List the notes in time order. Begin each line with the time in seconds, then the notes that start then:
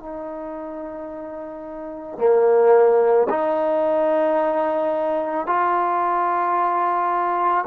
0.00 D#4
2.18 A#3
3.29 D#4
5.46 F4